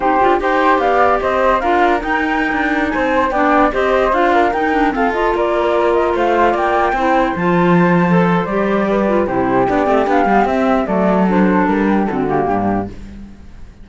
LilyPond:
<<
  \new Staff \with { instrumentName = "flute" } { \time 4/4 \tempo 4 = 149 c''4 g''4 f''4 dis''4 | f''4 g''2~ g''16 gis''8.~ | gis''16 g''4 dis''4 f''4 g''8.~ | g''16 f''8 dis''8 d''4. dis''8 f''8.~ |
f''16 g''2 a''4.~ a''16~ | a''4 d''2 c''4 | d''4 f''4 e''4 d''4 | c''4 ais'4 a'8 g'4. | }
  \new Staff \with { instrumentName = "flute" } { \time 4/4 g'4 c''4 d''4 c''4 | ais'2.~ ais'16 c''8.~ | c''16 d''4 c''4. ais'4~ ais'16~ | ais'16 a'4 ais'2 c''8.~ |
c''16 d''4 c''2~ c''8.~ | c''2 b'4 g'4~ | g'2. a'4~ | a'4. g'8 fis'4 d'4 | }
  \new Staff \with { instrumentName = "clarinet" } { \time 4/4 dis'8 f'8 g'2. | f'4 dis'2.~ | dis'16 d'4 g'4 f'4 dis'8 d'16~ | d'16 c'8 f'2.~ f'16~ |
f'4~ f'16 e'4 f'4.~ f'16 | a'4 g'4. f'8 e'4 | d'8 c'8 d'8 b8 c'4 a4 | d'2 c'8 ais4. | }
  \new Staff \with { instrumentName = "cello" } { \time 4/4 c'8 d'8 dis'4 b4 c'4 | d'4 dis'4~ dis'16 d'4 c'8.~ | c'16 b4 c'4 d'4 dis'8.~ | dis'16 f'4 ais2 a8.~ |
a16 ais4 c'4 f4.~ f16~ | f4 g2 c4 | b8 a8 b8 g8 c'4 fis4~ | fis4 g4 d4 g,4 | }
>>